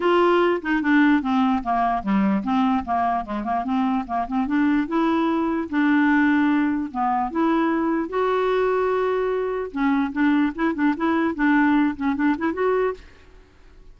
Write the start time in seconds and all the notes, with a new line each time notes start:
0.00 F4
0.61 D#4
0.81 D4
1.22 C4
1.63 A#3
2.03 G3
2.43 C4
2.84 A#3
3.24 G#3
3.43 A#3
3.64 C4
4.07 A#3
4.27 C4
4.46 D4
4.87 E4
5.69 D4
6.91 B3
7.30 E4
8.09 F#4
9.71 C#4
10.12 D4
10.55 E4
10.74 D4
10.96 E4
11.34 D4
11.96 C#4
12.15 D4
12.38 E4
12.53 F#4